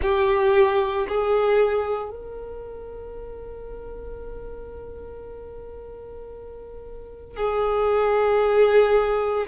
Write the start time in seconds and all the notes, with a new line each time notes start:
0.01 G4
1.08 G#4
2.10 A#4
7.36 G#4